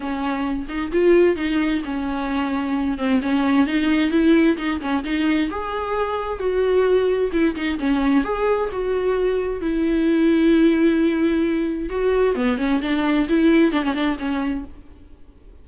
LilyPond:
\new Staff \with { instrumentName = "viola" } { \time 4/4 \tempo 4 = 131 cis'4. dis'8 f'4 dis'4 | cis'2~ cis'8 c'8 cis'4 | dis'4 e'4 dis'8 cis'8 dis'4 | gis'2 fis'2 |
e'8 dis'8 cis'4 gis'4 fis'4~ | fis'4 e'2.~ | e'2 fis'4 b8 cis'8 | d'4 e'4 d'16 cis'16 d'8 cis'4 | }